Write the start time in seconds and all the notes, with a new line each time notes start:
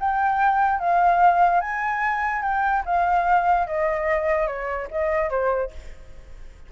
0.00 G5
0.80 F5
1.61 G#5
2.42 G5
2.86 F5
3.67 D#5
4.47 C#5
4.91 D#5
5.30 C5